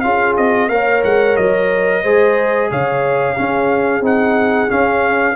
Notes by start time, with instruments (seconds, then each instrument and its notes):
0.00 tuba C#4, trombone F4, horn G#4, trumpet F5
0.37 tuba C4, trumpet D#5
0.68 tuba A#3, trombone A#4, horn C#5, trumpet F5
1.04 tuba G#3, trumpet F#5
1.36 tuba F#3, trumpet D#5
2.02 tuba G#3, trombone G#4, horn C5
2.70 tuba C#3, horn C#5, trumpet F5
3.36 trombone C#4, tuba C#4, horn G#4
4.01 tuba C4, trombone D#4, trumpet F#5
4.68 trombone C#4, tuba C#4, trumpet F5